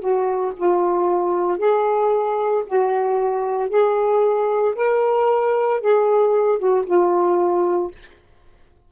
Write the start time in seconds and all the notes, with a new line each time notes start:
0.00 F#4
0.57 F4
1.58 G#4
2.67 F#4
3.69 G#4
4.75 A#4
5.81 G#4
6.58 F#4
6.86 F4